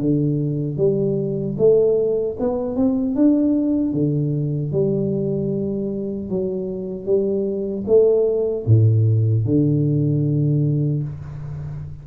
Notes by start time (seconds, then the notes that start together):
0.00 D3
0.77 G3
1.58 A3
2.39 B3
2.76 C4
3.15 D4
3.93 D3
4.72 G3
6.29 F#3
7.06 G3
7.87 A3
8.66 A2
9.45 D3